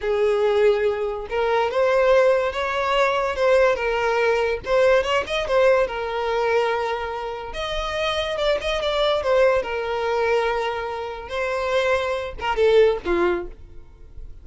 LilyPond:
\new Staff \with { instrumentName = "violin" } { \time 4/4 \tempo 4 = 143 gis'2. ais'4 | c''2 cis''2 | c''4 ais'2 c''4 | cis''8 dis''8 c''4 ais'2~ |
ais'2 dis''2 | d''8 dis''8 d''4 c''4 ais'4~ | ais'2. c''4~ | c''4. ais'8 a'4 f'4 | }